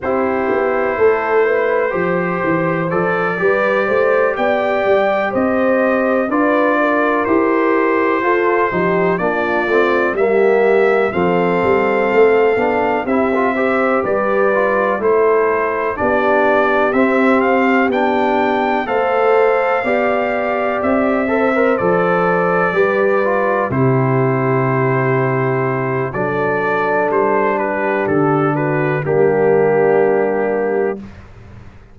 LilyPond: <<
  \new Staff \with { instrumentName = "trumpet" } { \time 4/4 \tempo 4 = 62 c''2. d''4~ | d''8 g''4 dis''4 d''4 c''8~ | c''4. d''4 e''4 f''8~ | f''4. e''4 d''4 c''8~ |
c''8 d''4 e''8 f''8 g''4 f''8~ | f''4. e''4 d''4.~ | d''8 c''2~ c''8 d''4 | c''8 b'8 a'8 b'8 g'2 | }
  \new Staff \with { instrumentName = "horn" } { \time 4/4 g'4 a'8 b'8 c''4. b'8 | c''8 d''4 c''4 b'8 ais'4~ | ais'8 a'8 g'8 f'4 g'4 a'8~ | a'4. g'8 c''8 b'4 a'8~ |
a'8 g'2. c''8~ | c''8 d''4. c''4. b'8~ | b'8 g'2~ g'8 a'4~ | a'8 g'4 fis'8 d'2 | }
  \new Staff \with { instrumentName = "trombone" } { \time 4/4 e'2 g'4 a'8 g'8~ | g'2~ g'8 f'4 g'8~ | g'8 f'8 dis'8 d'8 c'8 ais4 c'8~ | c'4 d'8 e'16 f'16 g'4 f'8 e'8~ |
e'8 d'4 c'4 d'4 a'8~ | a'8 g'4. a'16 ais'16 a'4 g'8 | f'8 e'2~ e'8 d'4~ | d'2 ais2 | }
  \new Staff \with { instrumentName = "tuba" } { \time 4/4 c'8 b8 a4 f8 e8 f8 g8 | a8 b8 g8 c'4 d'4 e'8~ | e'8 f'8 f8 ais8 a8 g4 f8 | g8 a8 b8 c'4 g4 a8~ |
a8 b4 c'4 b4 a8~ | a8 b4 c'4 f4 g8~ | g8 c2~ c8 fis4 | g4 d4 g2 | }
>>